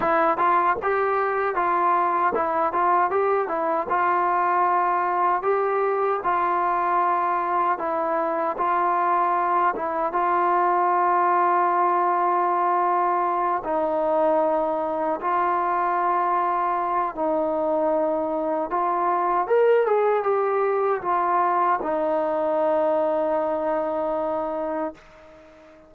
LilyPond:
\new Staff \with { instrumentName = "trombone" } { \time 4/4 \tempo 4 = 77 e'8 f'8 g'4 f'4 e'8 f'8 | g'8 e'8 f'2 g'4 | f'2 e'4 f'4~ | f'8 e'8 f'2.~ |
f'4. dis'2 f'8~ | f'2 dis'2 | f'4 ais'8 gis'8 g'4 f'4 | dis'1 | }